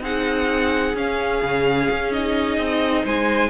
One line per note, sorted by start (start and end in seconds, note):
0.00 0.93 C4
0.00 0.94 D#4
0.00 3.03 G#4
0.00 0.96 F#5
0.94 1.40 C#4
0.94 2.12 C#4
0.94 2.12 F5
1.41 1.88 C#3
1.89 2.57 C#4
2.12 3.49 D#4
2.12 3.05 D#5
2.57 3.04 C4
3.03 3.49 G#3
3.03 3.49 C5
3.03 3.49 G#5